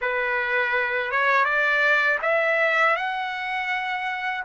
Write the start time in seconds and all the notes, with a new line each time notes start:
0.01 B4
1.11 C#5
1.44 D5
2.22 E5
2.96 F#5